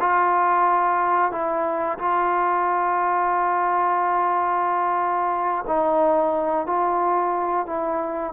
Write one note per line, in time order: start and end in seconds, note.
0.00 1.32 F4
1.32 1.98 E4
1.98 5.65 F4
5.67 6.67 D#4
6.67 7.67 F4
7.67 8.33 E4